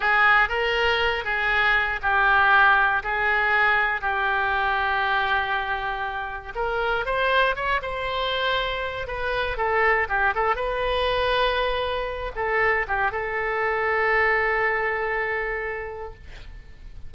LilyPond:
\new Staff \with { instrumentName = "oboe" } { \time 4/4 \tempo 4 = 119 gis'4 ais'4. gis'4. | g'2 gis'2 | g'1~ | g'4 ais'4 c''4 cis''8 c''8~ |
c''2 b'4 a'4 | g'8 a'8 b'2.~ | b'8 a'4 g'8 a'2~ | a'1 | }